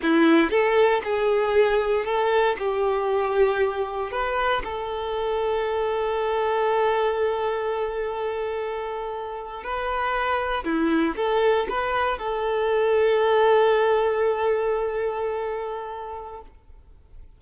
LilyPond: \new Staff \with { instrumentName = "violin" } { \time 4/4 \tempo 4 = 117 e'4 a'4 gis'2 | a'4 g'2. | b'4 a'2.~ | a'1~ |
a'2~ a'8. b'4~ b'16~ | b'8. e'4 a'4 b'4 a'16~ | a'1~ | a'1 | }